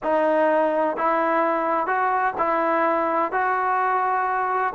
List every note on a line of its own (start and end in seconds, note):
0.03 0.97 D#4
0.97 1.87 E4
1.87 2.34 F#4
2.38 3.32 E4
3.32 4.73 F#4